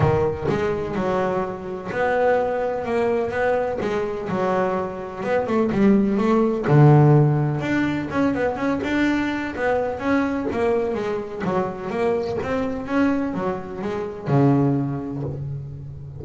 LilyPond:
\new Staff \with { instrumentName = "double bass" } { \time 4/4 \tempo 4 = 126 dis4 gis4 fis2 | b2 ais4 b4 | gis4 fis2 b8 a8 | g4 a4 d2 |
d'4 cis'8 b8 cis'8 d'4. | b4 cis'4 ais4 gis4 | fis4 ais4 c'4 cis'4 | fis4 gis4 cis2 | }